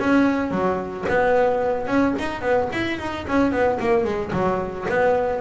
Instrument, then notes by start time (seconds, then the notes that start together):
double bass
0.00 C#4
0.51 F#3
1.09 B3
1.87 C#4
2.19 D#4
2.42 B3
2.73 E4
2.99 D#4
3.28 C#4
3.52 B3
3.80 A#3
4.05 G#3
4.33 F#3
4.89 B3